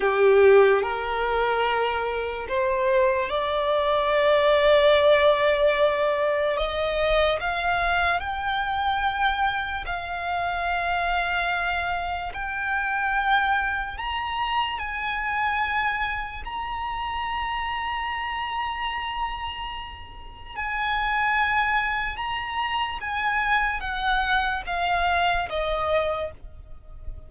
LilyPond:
\new Staff \with { instrumentName = "violin" } { \time 4/4 \tempo 4 = 73 g'4 ais'2 c''4 | d''1 | dis''4 f''4 g''2 | f''2. g''4~ |
g''4 ais''4 gis''2 | ais''1~ | ais''4 gis''2 ais''4 | gis''4 fis''4 f''4 dis''4 | }